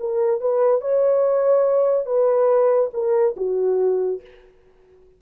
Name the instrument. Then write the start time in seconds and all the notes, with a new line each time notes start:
horn
0.00 A#4
0.41 B4
0.81 C#5
2.06 B4
2.93 A#4
3.37 F#4